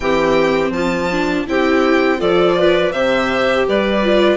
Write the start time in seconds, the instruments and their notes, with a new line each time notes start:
0.00 bassoon E3, viola C4, clarinet G4, violin G5
0.70 bassoon F3, clarinet F4, violin A5
1.11 viola D4
1.47 bassoon C4, viola E4, clarinet G4, violin G5
2.18 bassoon F3, viola F4, clarinet A4, violin D5
2.57 clarinet B4
2.92 bassoon C3, viola G4, clarinet C5, violin E5
3.68 bassoon G3, clarinet B4, violin D5
4.03 viola F4